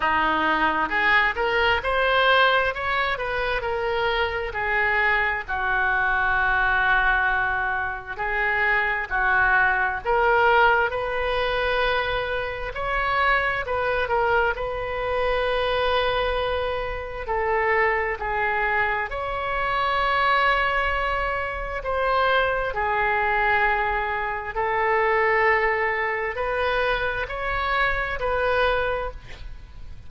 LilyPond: \new Staff \with { instrumentName = "oboe" } { \time 4/4 \tempo 4 = 66 dis'4 gis'8 ais'8 c''4 cis''8 b'8 | ais'4 gis'4 fis'2~ | fis'4 gis'4 fis'4 ais'4 | b'2 cis''4 b'8 ais'8 |
b'2. a'4 | gis'4 cis''2. | c''4 gis'2 a'4~ | a'4 b'4 cis''4 b'4 | }